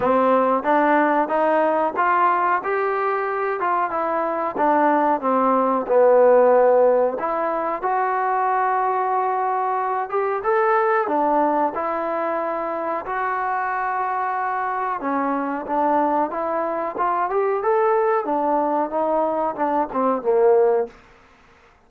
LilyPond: \new Staff \with { instrumentName = "trombone" } { \time 4/4 \tempo 4 = 92 c'4 d'4 dis'4 f'4 | g'4. f'8 e'4 d'4 | c'4 b2 e'4 | fis'2.~ fis'8 g'8 |
a'4 d'4 e'2 | fis'2. cis'4 | d'4 e'4 f'8 g'8 a'4 | d'4 dis'4 d'8 c'8 ais4 | }